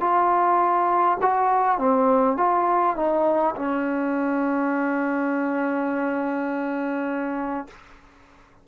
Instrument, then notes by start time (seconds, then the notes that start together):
trombone
0.00 F4
1.21 F#4
1.78 C4
2.37 F4
2.96 D#4
3.56 C#4